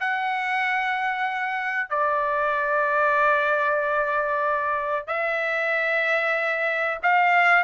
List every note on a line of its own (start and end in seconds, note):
0.00 1.90 F#5
1.90 5.07 D5
5.07 6.99 E5
7.03 7.64 F5